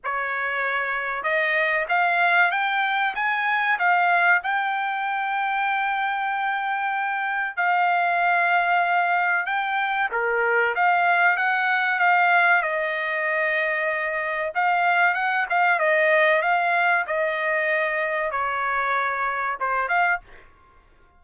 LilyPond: \new Staff \with { instrumentName = "trumpet" } { \time 4/4 \tempo 4 = 95 cis''2 dis''4 f''4 | g''4 gis''4 f''4 g''4~ | g''1 | f''2. g''4 |
ais'4 f''4 fis''4 f''4 | dis''2. f''4 | fis''8 f''8 dis''4 f''4 dis''4~ | dis''4 cis''2 c''8 f''8 | }